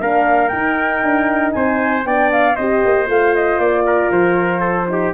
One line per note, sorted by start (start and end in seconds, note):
0.00 0.51 A#3
0.00 0.49 D4
0.00 1.54 A#4
0.00 0.48 F5
0.48 2.03 D#4
0.48 1.03 D#4
0.48 1.50 G5
1.03 1.54 D4
1.52 2.04 C4
1.52 2.07 C5
1.52 2.04 G#5
2.04 2.55 B3
2.04 2.56 D4
2.04 2.55 D5
2.04 2.31 G5
2.32 2.55 F5
2.55 2.84 C4
2.55 3.06 G4
2.55 3.84 C5
2.55 3.07 D#5
2.84 3.07 A#3
3.06 3.58 A3
3.06 4.86 F4
3.06 3.34 F5
3.34 3.59 D#5
3.58 4.09 A#3
3.58 4.10 D5
3.86 4.60 A#4
4.10 5.13 F3
4.10 5.13 C5
4.60 4.86 A4
4.87 5.13 D#4
4.87 5.14 G4